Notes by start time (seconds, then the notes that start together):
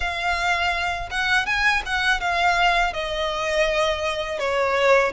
0.00 F5
1.10 F#5
1.45 G#5
1.85 F#5
2.20 F5
2.93 D#5
4.39 C#5